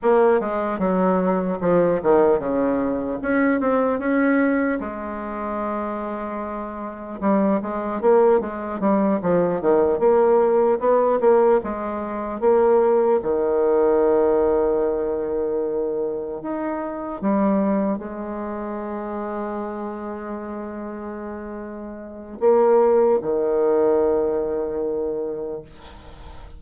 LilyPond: \new Staff \with { instrumentName = "bassoon" } { \time 4/4 \tempo 4 = 75 ais8 gis8 fis4 f8 dis8 cis4 | cis'8 c'8 cis'4 gis2~ | gis4 g8 gis8 ais8 gis8 g8 f8 | dis8 ais4 b8 ais8 gis4 ais8~ |
ais8 dis2.~ dis8~ | dis8 dis'4 g4 gis4.~ | gis1 | ais4 dis2. | }